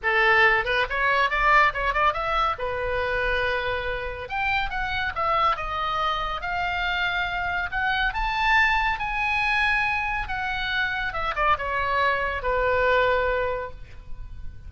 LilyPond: \new Staff \with { instrumentName = "oboe" } { \time 4/4 \tempo 4 = 140 a'4. b'8 cis''4 d''4 | cis''8 d''8 e''4 b'2~ | b'2 g''4 fis''4 | e''4 dis''2 f''4~ |
f''2 fis''4 a''4~ | a''4 gis''2. | fis''2 e''8 d''8 cis''4~ | cis''4 b'2. | }